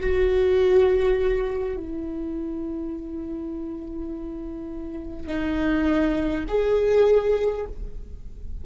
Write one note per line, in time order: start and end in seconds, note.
0.00 1.76 F#4
1.76 5.27 E4
5.27 6.45 D#4
6.48 7.65 G#4